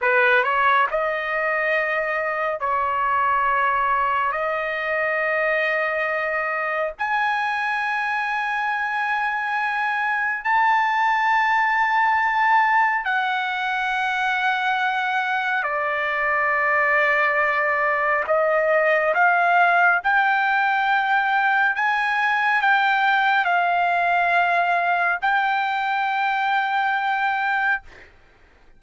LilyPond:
\new Staff \with { instrumentName = "trumpet" } { \time 4/4 \tempo 4 = 69 b'8 cis''8 dis''2 cis''4~ | cis''4 dis''2. | gis''1 | a''2. fis''4~ |
fis''2 d''2~ | d''4 dis''4 f''4 g''4~ | g''4 gis''4 g''4 f''4~ | f''4 g''2. | }